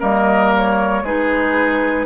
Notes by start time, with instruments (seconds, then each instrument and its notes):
0.00 bassoon G3, clarinet A#3, oboe A#4, flute D#5
0.57 flute C#5
1.03 bassoon G#3, clarinet D#4, oboe G#4, flute B4